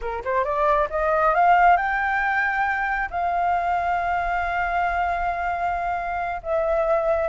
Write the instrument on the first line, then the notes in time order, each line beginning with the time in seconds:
flute
0.01 A#4
0.24 C5
0.44 D5
0.90 D#5
1.34 F5
1.76 G5
3.10 F5
6.43 E5